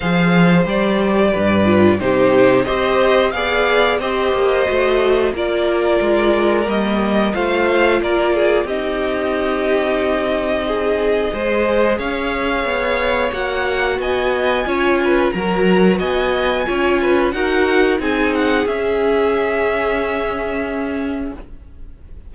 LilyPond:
<<
  \new Staff \with { instrumentName = "violin" } { \time 4/4 \tempo 4 = 90 f''4 d''2 c''4 | dis''4 f''4 dis''2 | d''2 dis''4 f''4 | d''4 dis''2.~ |
dis''2 f''2 | fis''4 gis''2 ais''4 | gis''2 fis''4 gis''8 fis''8 | e''1 | }
  \new Staff \with { instrumentName = "violin" } { \time 4/4 c''2 b'4 g'4 | c''4 d''4 c''2 | ais'2. c''4 | ais'8 gis'8 g'2. |
gis'4 c''4 cis''2~ | cis''4 dis''4 cis''8 b'8 ais'4 | dis''4 cis''8 b'8 ais'4 gis'4~ | gis'1 | }
  \new Staff \with { instrumentName = "viola" } { \time 4/4 gis'4 g'4. f'8 dis'4 | g'4 gis'4 g'4 fis'4 | f'2 ais4 f'4~ | f'4 dis'2.~ |
dis'4 gis'2. | fis'2 f'4 fis'4~ | fis'4 f'4 fis'4 dis'4 | cis'1 | }
  \new Staff \with { instrumentName = "cello" } { \time 4/4 f4 g4 g,4 c4 | c'4 b4 c'8 ais8 a4 | ais4 gis4 g4 a4 | ais4 c'2.~ |
c'4 gis4 cis'4 b4 | ais4 b4 cis'4 fis4 | b4 cis'4 dis'4 c'4 | cis'1 | }
>>